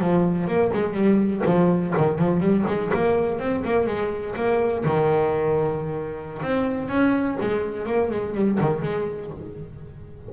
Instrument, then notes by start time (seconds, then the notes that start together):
double bass
0.00 F3
0.48 A#3
0.74 G#3
0.94 G3
1.46 F3
1.98 D#3
2.19 F3
2.40 G3
2.67 G#3
2.94 A#3
3.39 C4
3.65 A#3
3.87 G#3
4.36 A#3
4.85 D#3
6.42 C4
6.89 C#4
7.41 G#3
7.87 A#3
8.11 G#3
8.35 G3
8.61 D#3
8.83 G#3